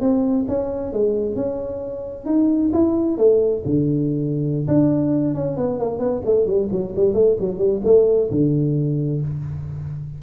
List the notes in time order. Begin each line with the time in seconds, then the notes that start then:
0.00 C4
0.48 C#4
0.93 G#3
1.35 C#4
2.25 D#4
2.73 E4
3.17 A3
3.65 D3
4.67 D4
5.34 C#4
5.57 B3
5.79 A#3
5.99 B3
6.25 A3
6.46 G3
6.71 F#3
6.96 G3
7.14 A3
7.40 F#3
7.58 G3
7.84 A3
8.31 D3